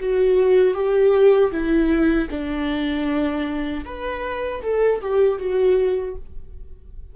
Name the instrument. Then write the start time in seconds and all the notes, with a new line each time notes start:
viola
0.00 F#4
0.74 G4
1.51 E4
2.30 D4
3.85 B4
4.62 A4
5.01 G4
5.38 F#4